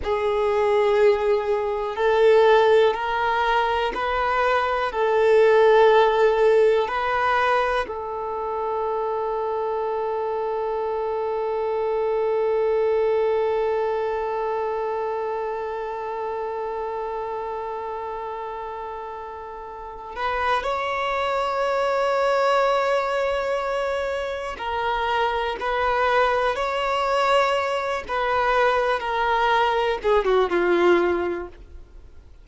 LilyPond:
\new Staff \with { instrumentName = "violin" } { \time 4/4 \tempo 4 = 61 gis'2 a'4 ais'4 | b'4 a'2 b'4 | a'1~ | a'1~ |
a'1~ | a'8 b'8 cis''2.~ | cis''4 ais'4 b'4 cis''4~ | cis''8 b'4 ais'4 gis'16 fis'16 f'4 | }